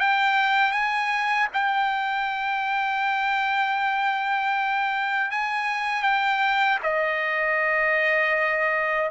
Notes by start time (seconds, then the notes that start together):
0.00 G5
0.72 G#5
1.54 G5
5.31 G#5
6.03 G5
6.83 D#5